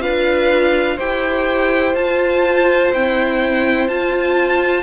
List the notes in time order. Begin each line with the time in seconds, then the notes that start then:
0.00 D4 F4 B4 F5
0.96 E4 G4 C5 G5
1.95 F4 A5
2.93 C4 E4 G5
3.88 F4 A5